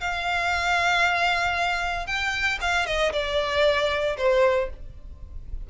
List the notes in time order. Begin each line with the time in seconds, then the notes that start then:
0.00 F5
2.06 G5
2.60 F5
2.86 D#5
3.12 D5
4.17 C5